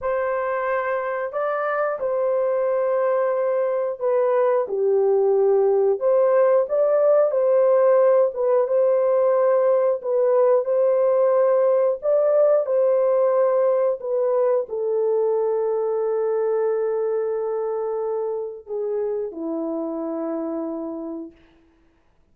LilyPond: \new Staff \with { instrumentName = "horn" } { \time 4/4 \tempo 4 = 90 c''2 d''4 c''4~ | c''2 b'4 g'4~ | g'4 c''4 d''4 c''4~ | c''8 b'8 c''2 b'4 |
c''2 d''4 c''4~ | c''4 b'4 a'2~ | a'1 | gis'4 e'2. | }